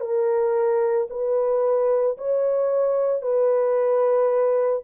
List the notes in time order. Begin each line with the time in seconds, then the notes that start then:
0.00 A#4
1.10 B4
2.17 C#5
3.22 B4